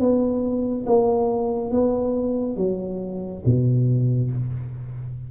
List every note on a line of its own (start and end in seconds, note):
0.00 0.86 B3
0.86 1.71 A#3
1.71 2.57 B3
2.57 3.43 F#3
3.46 4.32 B2